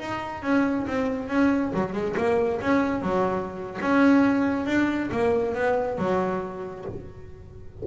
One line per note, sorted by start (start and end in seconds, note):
0.00 0.42 D#4
0.42 0.86 C#4
0.87 1.29 C4
1.29 1.72 C#4
1.74 1.93 F#3
1.93 2.15 G#3
2.17 2.61 A#3
2.61 3.02 C#4
3.02 3.78 F#3
3.81 4.66 C#4
4.66 5.10 D4
5.11 5.55 A#3
5.55 5.98 B3
5.98 6.85 F#3